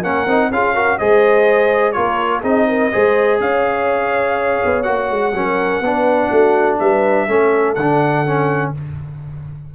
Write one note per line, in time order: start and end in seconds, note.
0.00 0.27 A#3
0.00 0.27 C#4
0.00 0.48 A#4
0.00 0.52 F#5
0.27 0.51 C4
0.27 0.52 D#4
0.51 0.99 C#4
0.51 0.75 F4
0.51 0.74 G#4
0.51 0.98 F5
0.74 1.00 F#4
0.74 0.98 A#4
0.98 1.97 G#3
0.98 1.94 G#4
0.98 1.95 C5
0.98 1.92 D#5
1.92 2.43 A#3
1.92 2.42 F4
1.92 2.42 A#4
1.92 2.40 C#5
2.42 2.92 C4
2.42 2.91 D#4
2.42 2.66 G#4
2.42 3.40 D#5
2.68 2.92 A#4
2.92 3.40 G#3
2.92 4.84 G#4
2.92 3.40 C5
3.40 4.61 C#4
3.40 5.36 C#5
3.40 4.82 F5
4.65 4.87 B3
4.82 5.10 A#3
4.82 5.32 F#4
4.82 6.76 F#5
5.10 5.34 G#3
5.34 5.80 F#3
5.34 5.83 C#4
5.34 5.85 A#4
5.80 6.29 B3
5.80 7.28 D4
5.86 6.30 B4
6.30 6.79 A3
6.30 6.78 F#4
6.79 7.28 G3
6.79 7.28 B4
6.79 7.75 E5
7.28 7.76 A3
7.28 7.76 C#4
7.28 8.73 A4
7.75 8.73 D3
7.75 8.26 D4
7.75 8.71 F#5
8.26 8.74 C#4